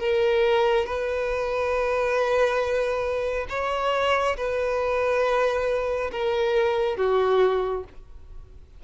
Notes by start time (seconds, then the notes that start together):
0.00 A#4
0.86 B4
3.50 C#5
4.37 B4
6.12 A#4
6.97 F#4